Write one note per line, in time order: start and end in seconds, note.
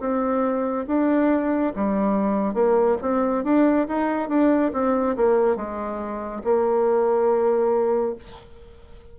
0.00 0.86 C4
0.87 1.73 D4
1.76 2.54 G3
2.54 2.97 A#3
3.02 3.44 C4
3.44 3.87 D4
3.88 4.29 D#4
4.29 4.72 D4
4.73 5.16 C4
5.17 5.56 A#3
5.56 6.42 G#3
6.44 8.15 A#3